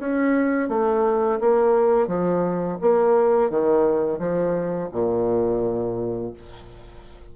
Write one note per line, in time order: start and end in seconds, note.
0.00 0.69 C#4
0.69 1.40 A3
1.41 2.08 A#3
2.08 2.79 F3
2.82 3.50 A#3
3.50 4.19 D#3
4.19 4.90 F3
4.93 6.34 A#2